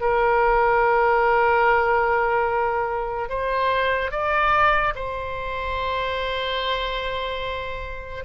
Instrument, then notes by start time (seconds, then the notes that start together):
oboe
0.00 A#4
3.29 C5
4.11 D5
4.95 C5